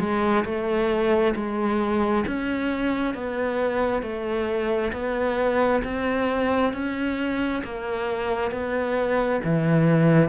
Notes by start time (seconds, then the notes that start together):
0.00 G#3
0.45 A3
1.36 G#3
2.27 C#4
3.15 B3
4.03 A3
4.93 B3
5.85 C4
6.74 C#4
7.64 A#3
8.52 B3
9.44 E3